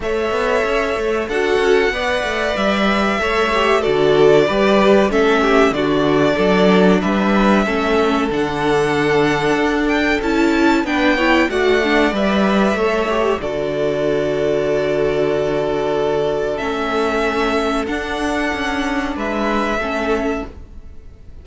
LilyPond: <<
  \new Staff \with { instrumentName = "violin" } { \time 4/4 \tempo 4 = 94 e''2 fis''2 | e''2 d''2 | e''4 d''2 e''4~ | e''4 fis''2~ fis''8 g''8 |
a''4 g''4 fis''4 e''4~ | e''4 d''2.~ | d''2 e''2 | fis''2 e''2 | }
  \new Staff \with { instrumentName = "violin" } { \time 4/4 cis''2 a'4 d''4~ | d''4 cis''4 a'4 b'4 | a'8 g'8 fis'4 a'4 b'4 | a'1~ |
a'4 b'8 cis''8 d''2 | cis''4 a'2.~ | a'1~ | a'2 b'4 a'4 | }
  \new Staff \with { instrumentName = "viola" } { \time 4/4 a'2 fis'4 b'4~ | b'4 a'8 g'8 fis'4 g'4 | cis'4 d'2. | cis'4 d'2. |
e'4 d'8 e'8 fis'8 d'8 b'4 | a'8 g'8 fis'2.~ | fis'2 cis'2 | d'2. cis'4 | }
  \new Staff \with { instrumentName = "cello" } { \time 4/4 a8 b8 cis'8 a8 d'8 cis'8 b8 a8 | g4 a4 d4 g4 | a4 d4 fis4 g4 | a4 d2 d'4 |
cis'4 b4 a4 g4 | a4 d2.~ | d2 a2 | d'4 cis'4 gis4 a4 | }
>>